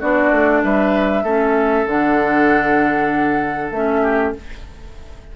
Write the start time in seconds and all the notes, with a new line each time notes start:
0.00 B3 D4 F#4 D5
0.31 A3
0.63 G3 B4 E5
1.23 A3 C#4 A4
1.86 D3 D4 F#5
3.71 A3 C#4 E5
4.02 G4